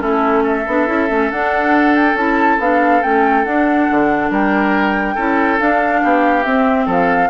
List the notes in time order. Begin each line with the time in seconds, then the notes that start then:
0.00 A3 C#4 E4 A4
0.43 A4 E5
0.67 B3 D4
0.87 C#4 E4
1.10 A3 C#4
1.31 D4 F#5
1.95 G5
2.14 C#4 E4 A5
2.59 B3 D4 F5
3.02 A3 C#4 G5
3.44 D4 F#5
3.91 D3
4.30 G3 A#4 G5
5.14 C#4 E4 A4
5.59 D4 F5
6.03 B3 G4
6.43 C4 E5
6.86 F3 A4 F5